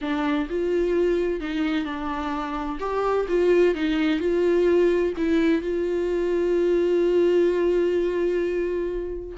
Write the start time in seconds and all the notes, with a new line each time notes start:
0.01 D4
0.49 F4
1.40 D#4
1.84 D4
2.79 G4
3.28 F4
3.74 D#4
4.19 F4
5.17 E4
5.61 F4